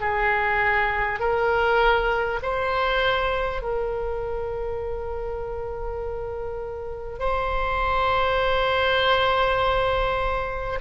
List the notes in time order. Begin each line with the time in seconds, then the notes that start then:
0.00 G#4
1.19 A#4
2.42 C5
3.62 A#4
7.19 C5